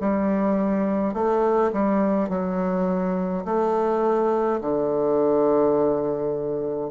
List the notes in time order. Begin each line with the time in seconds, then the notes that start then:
0.00 G3
1.14 A3
1.73 G3
2.29 F#3
3.45 A3
4.61 D3